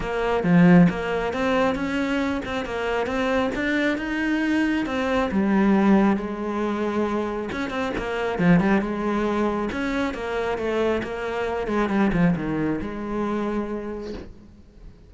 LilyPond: \new Staff \with { instrumentName = "cello" } { \time 4/4 \tempo 4 = 136 ais4 f4 ais4 c'4 | cis'4. c'8 ais4 c'4 | d'4 dis'2 c'4 | g2 gis2~ |
gis4 cis'8 c'8 ais4 f8 g8 | gis2 cis'4 ais4 | a4 ais4. gis8 g8 f8 | dis4 gis2. | }